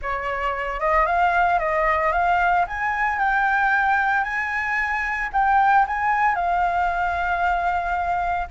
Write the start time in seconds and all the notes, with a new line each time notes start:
0.02 C#5
0.79 D#5
1.06 F5
1.59 D#5
2.12 F5
2.67 G#5
3.19 G5
4.23 G#5
5.32 G5
5.87 G#5
6.35 F5